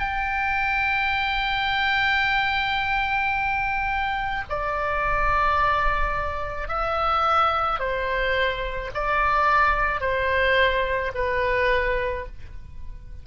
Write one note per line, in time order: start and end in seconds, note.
0.00 4.44 G5
4.49 6.69 D5
6.69 7.80 E5
7.80 8.91 C5
8.94 10.01 D5
10.01 11.12 C5
11.15 12.26 B4